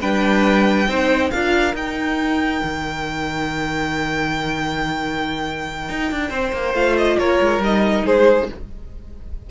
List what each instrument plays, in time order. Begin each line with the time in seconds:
0.00 cello G3, viola D4, violin B4 G5
0.87 cello C4, viola D#4, violin C5
1.30 cello D4, viola F4, violin A#4 F5
1.74 cello D#4, viola D#4, violin G5
2.63 cello D#3
5.89 cello D#4
6.11 cello D4
6.29 cello C4, violin C5
6.52 cello A#3
6.73 cello A3, viola F4, violin F5
6.97 violin D#5
7.17 cello A#3, violin A#4 C#5
7.40 cello G#3
7.59 cello G3, viola D#4, violin D#5
8.05 cello G#3, violin G#4 C5